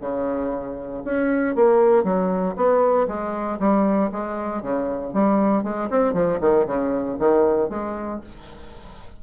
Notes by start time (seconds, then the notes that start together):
0.00 C#3
1.04 C#4
1.55 A#3
2.03 F#3
2.56 B3
3.07 G#3
3.59 G3
4.11 G#3
4.62 C#3
5.13 G3
5.63 G#3
5.90 C4
6.13 F3
6.40 D#3
6.66 C#3
7.19 D#3
7.69 G#3